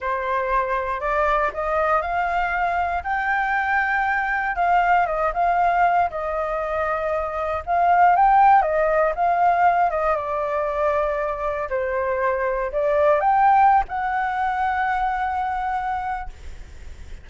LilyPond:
\new Staff \with { instrumentName = "flute" } { \time 4/4 \tempo 4 = 118 c''2 d''4 dis''4 | f''2 g''2~ | g''4 f''4 dis''8 f''4. | dis''2. f''4 |
g''4 dis''4 f''4. dis''8 | d''2. c''4~ | c''4 d''4 g''4~ g''16 fis''8.~ | fis''1 | }